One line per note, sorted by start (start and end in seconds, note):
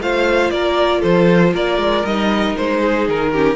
0.00 0.51 A3
0.00 2.05 F4
0.00 0.53 C5
0.00 0.51 F5
0.51 1.03 A#3
0.51 1.01 A#4
0.51 1.02 D5
1.01 1.54 F3
1.01 1.51 A4
1.01 1.54 C5
1.53 1.78 A#3
1.53 2.81 A#4
1.53 2.05 D5
1.78 2.04 G#3
2.05 2.56 G3
2.05 3.34 D#4
2.05 2.56 D#5
2.57 3.09 G#3
2.57 3.08 C5
2.81 3.32 G#4
3.09 3.56 D#3
3.09 3.56 A#4
3.32 3.56 C#4
3.32 3.56 G4